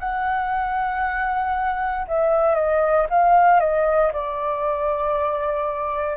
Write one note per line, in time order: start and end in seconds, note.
0.00 2.07 F#5
2.08 2.55 E5
2.55 3.07 D#5
3.10 3.60 F5
3.60 4.12 D#5
4.13 6.17 D5